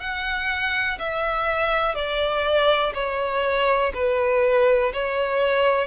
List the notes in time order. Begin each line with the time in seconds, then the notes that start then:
0.00 F#5
0.98 E5
1.94 D5
2.94 C#5
3.94 B4
4.93 C#5